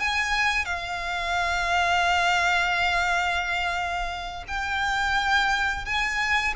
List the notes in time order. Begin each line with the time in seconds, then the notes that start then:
0.00 G#5
0.65 F5
4.48 G5
5.85 G#5